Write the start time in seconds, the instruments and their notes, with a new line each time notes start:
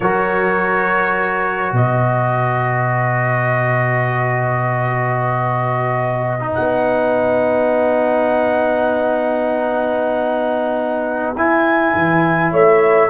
0.00 tuba F#3, trombone F#4, horn A#4, trumpet C#5
1.72 tuba B2, horn B4, trumpet D#5
6.40 trombone D#4
6.54 tuba B3, trumpet F#5
11.36 tuba E4, trombone E4, trumpet G#5
11.94 tuba E3
12.51 tuba A3, horn C#5, trumpet E5